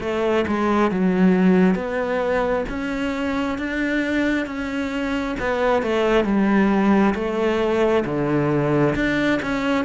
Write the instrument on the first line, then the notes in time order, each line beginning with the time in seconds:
cello
0.00 A3
0.47 G#3
0.91 F#3
1.75 B3
2.69 C#4
3.58 D4
4.46 C#4
5.40 B3
5.82 A3
6.24 G3
7.14 A3
8.05 D3
8.96 D4
9.42 C#4